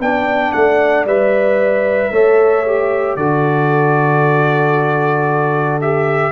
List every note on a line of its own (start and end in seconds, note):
0.00 0.53 B3
0.00 1.08 D4
0.00 2.12 D5
0.00 0.52 G5
0.52 1.05 A3
0.52 1.05 F#5
1.05 2.11 G3
1.05 2.13 B4
1.05 3.17 E5
2.12 3.16 A3
2.12 2.65 A4
2.12 3.17 C#5
2.67 3.19 G4
3.16 6.32 D3
3.16 5.82 F#4
3.16 6.32 A4
3.16 5.80 D5
5.81 6.32 G4
5.81 6.32 E5